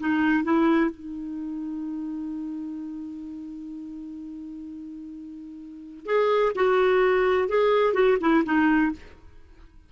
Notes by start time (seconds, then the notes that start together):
0.00 D#4
0.44 E4
0.91 D#4
6.06 G#4
6.56 F#4
7.49 G#4
7.94 F#4
8.21 E4
8.45 D#4